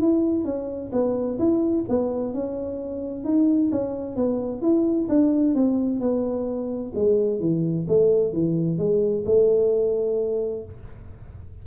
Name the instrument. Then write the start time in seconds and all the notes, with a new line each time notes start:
tuba
0.00 E4
0.44 C#4
0.92 B3
1.38 E4
1.88 B3
2.33 C#4
3.24 D#4
3.71 C#4
4.16 B3
4.62 E4
5.09 D4
5.54 C4
6.00 B3
6.94 G#3
7.40 E3
7.88 A3
8.32 E3
8.78 G#3
9.25 A3